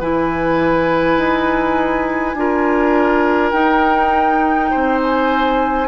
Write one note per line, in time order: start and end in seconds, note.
0.00 1.17 E3
0.00 2.37 E4
0.00 2.35 B4
0.00 3.52 G#5
1.17 2.34 D#4
2.34 3.52 D4
2.34 3.52 F4
2.34 4.70 A#4
3.52 5.87 D#4
3.52 4.70 D#4
3.52 4.99 G5
4.70 5.88 C4
4.70 5.88 C5
5.03 5.88 G#5